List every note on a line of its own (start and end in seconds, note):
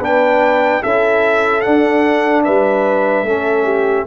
0.00 0.81 B3
0.00 0.83 D4
0.00 0.81 B4
0.00 0.83 G5
0.83 1.66 C#4
0.83 1.64 E4
0.83 2.45 A4
0.83 1.61 E5
1.61 3.26 D4
1.61 2.47 D4
1.61 2.42 F#5
2.45 3.24 G3
2.45 3.26 B4
2.45 4.07 E5
3.24 4.05 A3
3.24 4.07 C#4
3.24 3.65 A4
3.65 4.05 G4